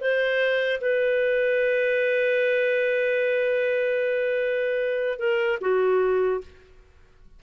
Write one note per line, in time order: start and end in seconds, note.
0.00 0.80 C5
0.80 5.19 B4
5.19 5.59 A#4
5.60 6.40 F#4